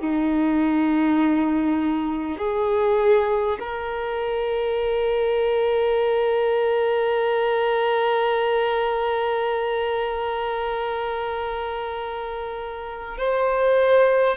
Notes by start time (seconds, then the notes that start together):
0.00 D#4
2.38 G#4
3.59 A#4
13.18 C5